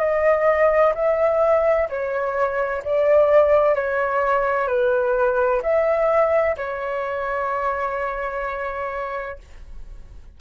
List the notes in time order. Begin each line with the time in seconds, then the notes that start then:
0.00 D#5
0.95 E5
1.90 C#5
2.85 D5
3.75 C#5
4.68 B4
5.62 E5
6.58 C#5